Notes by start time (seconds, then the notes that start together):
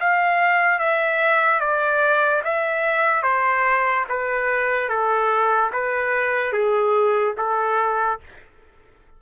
0.00 F5
0.79 E5
1.60 D5
2.44 E5
3.23 C5
4.09 B4
4.89 A4
5.73 B4
6.53 G#4
7.37 A4